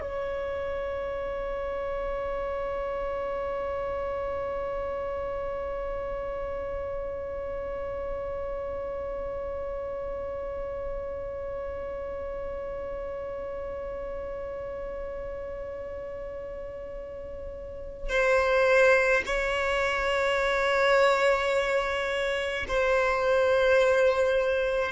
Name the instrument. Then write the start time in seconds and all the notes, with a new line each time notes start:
violin
0.00 C#5
18.09 C5
19.26 C#5
22.67 C5